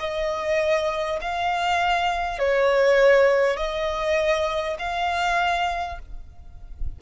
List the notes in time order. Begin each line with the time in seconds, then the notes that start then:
0.00 D#5
1.22 F5
2.39 C#5
3.57 D#5
4.79 F5